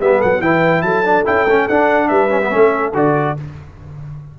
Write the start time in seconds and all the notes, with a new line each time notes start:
0.00 G3 B3 G4 E5
0.17 A4 F#5
0.23 F#3
0.40 E3 E4 B4 G5
0.81 F#3 A4 A5
1.05 D4
1.25 C#4 E4 G5
1.46 A3 C#4
1.68 D4 F#5
2.08 G3 B4 E5
2.30 C#4
2.41 B3
2.50 A3 C#4 A4
2.94 D3 F#4 D5